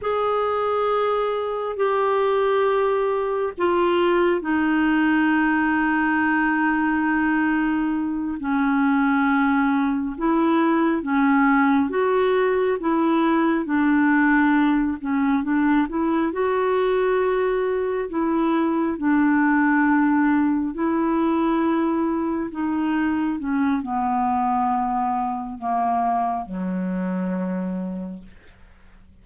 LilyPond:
\new Staff \with { instrumentName = "clarinet" } { \time 4/4 \tempo 4 = 68 gis'2 g'2 | f'4 dis'2.~ | dis'4. cis'2 e'8~ | e'8 cis'4 fis'4 e'4 d'8~ |
d'4 cis'8 d'8 e'8 fis'4.~ | fis'8 e'4 d'2 e'8~ | e'4. dis'4 cis'8 b4~ | b4 ais4 fis2 | }